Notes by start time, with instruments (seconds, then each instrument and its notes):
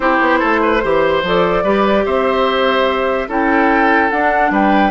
0.00 bassoon C4, clarinet E4, oboe G4, flute C5
0.20 bassoon B3
0.39 bassoon A3, oboe A4
0.62 oboe B4
0.82 bassoon E3, clarinet G4, oboe C5
1.22 bassoon F3, clarinet A4, flute D5
1.63 bassoon G3, clarinet G4, oboe B4
2.05 bassoon C4, oboe C5, flute E5
3.28 bassoon C#4, clarinet E4, oboe A4, flute G5
4.10 clarinet D4, bassoon D4, flute F#5
4.50 bassoon G3, oboe B4, flute G5